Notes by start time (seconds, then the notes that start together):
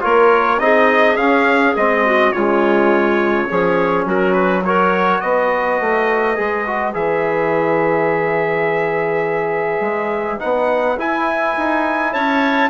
0.00 A#3 F4 A#4 C#5
0.59 C4 D#4 G#4 D#5
1.17 C#4 F5
1.76 G#3 C4 D#5
2.05 F#4
2.32 C#3 G#3 F4 C#5
3.49 F3 C#4 G#4
4.05 F#3 F#4 A#4
4.33 B4
4.65 F#4 A#4 C#5
5.20 B3 B4 D#5
5.80 A3
6.36 G#3 G#4
6.66 F#4
6.94 E3 G#4 E5
9.80 G#3
10.39 B3 D#4 F#5
10.98 E4 G#5
11.57 D#4
12.13 C#4 C#5 A5